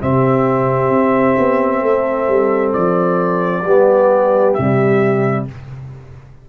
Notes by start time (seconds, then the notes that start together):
0.00 C3 C4 G4 E5
0.90 C4
1.38 B3
1.82 A3 A4
2.28 G3
2.73 F3 D5
3.64 G3 B3 G4
4.54 C3 G3 E5